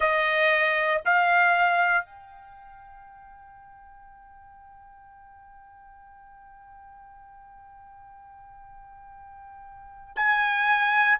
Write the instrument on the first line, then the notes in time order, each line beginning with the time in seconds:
trumpet
0.00 D#5
1.04 F5
2.05 G5
10.16 G#5